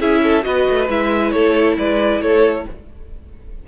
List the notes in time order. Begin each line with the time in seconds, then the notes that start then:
0.00 C#4 E4 G#4 E5
0.23 A4
0.42 B3 F#4 B4 D#5
0.69 A3
0.89 G#3 E4 E5
1.31 A3 A4 C#5
1.78 G#3 B4 D5
2.21 A3 A4 C#5